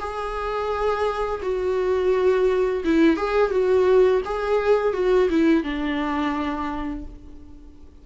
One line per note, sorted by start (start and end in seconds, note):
0.00 1.41 G#4
1.42 2.83 F#4
2.85 3.17 E4
3.17 3.51 G#4
3.51 4.22 F#4
4.25 4.93 G#4
4.93 5.29 F#4
5.30 5.63 E4
5.63 7.05 D4